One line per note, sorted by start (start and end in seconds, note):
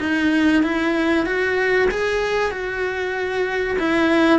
0.00 0.63 D#4
0.63 1.26 E4
1.26 1.89 F#4
1.91 2.51 G#4
2.51 3.78 F#4
3.79 4.40 E4